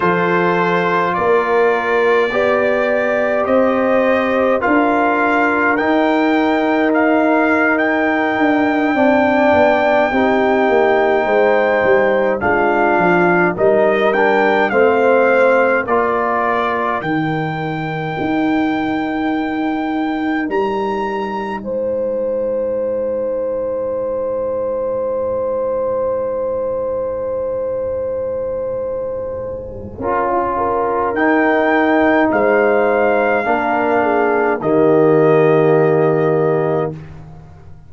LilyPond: <<
  \new Staff \with { instrumentName = "trumpet" } { \time 4/4 \tempo 4 = 52 c''4 d''2 dis''4 | f''4 g''4 f''8. g''4~ g''16~ | g''2~ g''8. f''4 dis''16~ | dis''16 g''8 f''4 d''4 g''4~ g''16~ |
g''4.~ g''16 ais''4 gis''4~ gis''16~ | gis''1~ | gis''2. g''4 | f''2 dis''2 | }
  \new Staff \with { instrumentName = "horn" } { \time 4/4 a'4 ais'4 d''4 c''4 | ais'2.~ ais'8. d''16~ | d''8. g'4 c''4 f'4 ais'16~ | ais'8. c''4 ais'2~ ais'16~ |
ais'2~ ais'8. c''4~ c''16~ | c''1~ | c''2 ais'16 f'16 ais'4. | c''4 ais'8 gis'8 g'2 | }
  \new Staff \with { instrumentName = "trombone" } { \time 4/4 f'2 g'2 | f'4 dis'2~ dis'8. d'16~ | d'8. dis'2 d'4 dis'16~ | dis'16 d'8 c'4 f'4 dis'4~ dis'16~ |
dis'1~ | dis'1~ | dis'2 f'4 dis'4~ | dis'4 d'4 ais2 | }
  \new Staff \with { instrumentName = "tuba" } { \time 4/4 f4 ais4 b4 c'4 | d'4 dis'2~ dis'16 d'8 c'16~ | c'16 b8 c'8 ais8 gis8 g8 gis8 f8 g16~ | g8. a4 ais4 dis4 dis'16~ |
dis'4.~ dis'16 g4 gis4~ gis16~ | gis1~ | gis2 cis'4 dis'4 | gis4 ais4 dis2 | }
>>